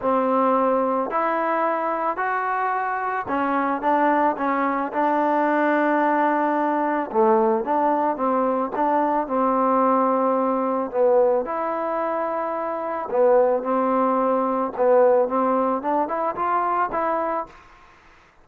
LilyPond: \new Staff \with { instrumentName = "trombone" } { \time 4/4 \tempo 4 = 110 c'2 e'2 | fis'2 cis'4 d'4 | cis'4 d'2.~ | d'4 a4 d'4 c'4 |
d'4 c'2. | b4 e'2. | b4 c'2 b4 | c'4 d'8 e'8 f'4 e'4 | }